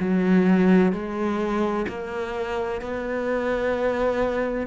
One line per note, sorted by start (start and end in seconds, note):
0.00 0.92 F#3
0.92 1.86 G#3
1.88 2.81 A#3
2.81 4.67 B3